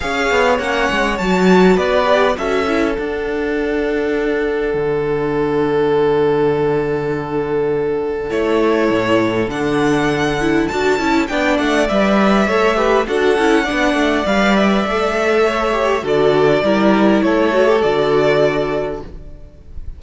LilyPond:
<<
  \new Staff \with { instrumentName = "violin" } { \time 4/4 \tempo 4 = 101 f''4 fis''4 a''4 d''4 | e''4 fis''2.~ | fis''1~ | fis''2 cis''2 |
fis''2 a''4 g''8 fis''8 | e''2 fis''2 | f''8 e''2~ e''8 d''4~ | d''4 cis''4 d''2 | }
  \new Staff \with { instrumentName = "violin" } { \time 4/4 cis''2. b'4 | a'1~ | a'1~ | a'1~ |
a'2. d''4~ | d''4 cis''8 b'8 a'4 d''4~ | d''2 cis''4 a'4 | ais'4 a'2. | }
  \new Staff \with { instrumentName = "viola" } { \time 4/4 gis'4 cis'4 fis'4. g'8 | fis'8 e'8 d'2.~ | d'1~ | d'2 e'2 |
d'4. e'8 fis'8 e'8 d'4 | b'4 a'8 g'8 fis'8 e'8 d'4 | b'4 a'4. g'8 fis'4 | e'4. fis'16 g'16 fis'2 | }
  \new Staff \with { instrumentName = "cello" } { \time 4/4 cis'8 b8 ais8 gis8 fis4 b4 | cis'4 d'2. | d1~ | d2 a4 a,4 |
d2 d'8 cis'8 b8 a8 | g4 a4 d'8 cis'8 b8 a8 | g4 a2 d4 | g4 a4 d2 | }
>>